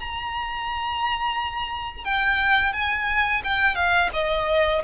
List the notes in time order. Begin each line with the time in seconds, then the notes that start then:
0.00 A#5
2.04 G5
2.73 G#5
3.44 G5
3.75 F5
4.13 D#5